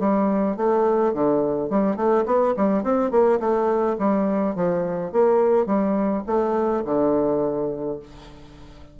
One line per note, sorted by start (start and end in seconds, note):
0.00 0.57 G3
0.57 1.14 A3
1.14 1.70 D3
1.70 1.97 G3
1.97 2.25 A3
2.26 2.55 B3
2.57 2.84 G3
2.84 3.11 C4
3.11 3.40 A#3
3.40 3.97 A3
3.99 4.56 G3
4.56 5.13 F3
5.13 5.67 A#3
5.67 6.24 G3
6.27 6.84 A3
6.85 8.00 D3